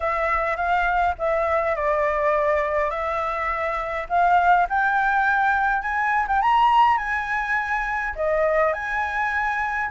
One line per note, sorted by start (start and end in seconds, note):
0.00 0.56 E5
0.56 1.14 F5
1.18 1.75 E5
1.75 2.90 D5
2.90 4.06 E5
4.09 4.67 F5
4.69 5.82 G5
5.82 6.25 G#5
6.27 6.41 G5
6.41 6.97 A#5
6.97 8.14 G#5
8.15 8.73 D#5
8.73 9.89 G#5